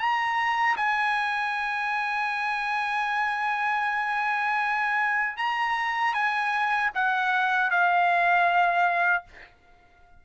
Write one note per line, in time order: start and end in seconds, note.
0.00 0.77 A#5
0.77 5.38 G#5
5.38 6.14 A#5
6.14 6.91 G#5
6.95 7.71 F#5
7.71 9.25 F5